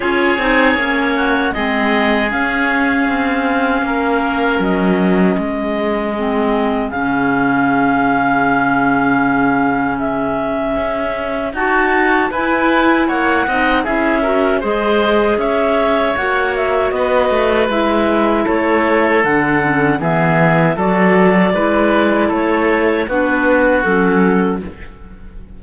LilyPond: <<
  \new Staff \with { instrumentName = "clarinet" } { \time 4/4 \tempo 4 = 78 cis''2 dis''4 f''4~ | f''2 dis''2~ | dis''4 f''2.~ | f''4 e''2 a''4 |
gis''4 fis''4 e''4 dis''4 | e''4 fis''8 e''8 dis''4 e''4 | cis''4 fis''4 e''4 d''4~ | d''4 cis''4 b'4 a'4 | }
  \new Staff \with { instrumentName = "oboe" } { \time 4/4 gis'4. fis'8 gis'2~ | gis'4 ais'2 gis'4~ | gis'1~ | gis'2. fis'4 |
b'4 cis''8 dis''8 gis'8 ais'8 c''4 | cis''2 b'2 | a'2 gis'4 a'4 | b'4 a'4 fis'2 | }
  \new Staff \with { instrumentName = "clarinet" } { \time 4/4 f'8 dis'8 cis'4 c'4 cis'4~ | cis'1 | c'4 cis'2.~ | cis'2. fis'4 |
e'4. dis'8 e'8 fis'8 gis'4~ | gis'4 fis'2 e'4~ | e'4 d'8 cis'8 b4 fis'4 | e'2 d'4 cis'4 | }
  \new Staff \with { instrumentName = "cello" } { \time 4/4 cis'8 c'8 ais4 gis4 cis'4 | c'4 ais4 fis4 gis4~ | gis4 cis2.~ | cis2 cis'4 dis'4 |
e'4 ais8 c'8 cis'4 gis4 | cis'4 ais4 b8 a8 gis4 | a4 d4 e4 fis4 | gis4 a4 b4 fis4 | }
>>